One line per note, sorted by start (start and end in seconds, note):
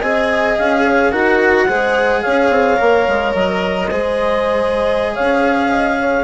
0.00 0.57 C4
0.00 1.12 G#4
0.00 0.83 D#5
0.00 0.57 G#5
0.57 1.13 C#4
0.57 1.12 F5
0.84 1.11 C#5
1.11 1.68 D#4
1.11 1.67 F#4
1.11 1.67 A#4
1.11 2.21 F#5
1.68 2.24 G#3
1.68 2.77 G#4
1.68 2.23 C5
2.21 2.49 C#4
2.21 3.89 C#5
2.21 3.32 F5
2.49 2.77 C4
2.77 3.08 A#3
2.77 3.88 A#4
3.08 3.34 G#3
3.34 3.90 F#3
3.34 5.15 D#5
3.89 5.17 G#3
3.89 6.24 G#4
3.89 5.14 C5
5.14 6.24 C#4
5.14 5.69 C#5
5.14 6.24 F5
5.70 5.98 D#5
6.00 6.24 C#5